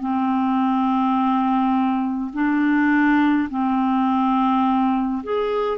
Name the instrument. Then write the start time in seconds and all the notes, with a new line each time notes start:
clarinet
0.00 C4
2.33 D4
3.49 C4
5.23 G#4